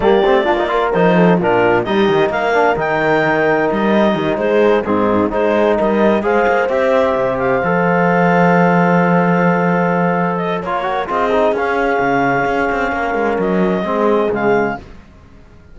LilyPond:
<<
  \new Staff \with { instrumentName = "clarinet" } { \time 4/4 \tempo 4 = 130 d''2 c''4 ais'4 | dis''4 f''4 g''2 | dis''4. c''4 gis'4 c''8~ | c''8 dis''4 f''4 e''4. |
f''1~ | f''2~ f''8 dis''8 cis''4 | dis''4 f''2.~ | f''4 dis''2 f''4 | }
  \new Staff \with { instrumentName = "horn" } { \time 4/4 g'4 f'8 ais'4 a'8 f'4 | g'4 ais'2.~ | ais'4 g'8 gis'4 dis'4 gis'8~ | gis'8 ais'4 c''2~ c''8~ |
c''1~ | c''2. ais'4 | gis'1 | ais'2 gis'2 | }
  \new Staff \with { instrumentName = "trombone" } { \time 4/4 ais8 c'8 d'16 dis'16 f'8 dis'4 d'4 | dis'4. d'8 dis'2~ | dis'2~ dis'8 c'4 dis'8~ | dis'4. gis'4 g'4.~ |
g'8 a'2.~ a'8~ | a'2. f'8 fis'8 | f'8 dis'8 cis'2.~ | cis'2 c'4 gis4 | }
  \new Staff \with { instrumentName = "cello" } { \time 4/4 g8 a8 ais4 f4 ais,4 | g8 dis8 ais4 dis2 | g4 dis8 gis4 gis,4 gis8~ | gis8 g4 gis8 ais8 c'4 c8~ |
c8 f2.~ f8~ | f2. ais4 | c'4 cis'4 cis4 cis'8 c'8 | ais8 gis8 fis4 gis4 cis4 | }
>>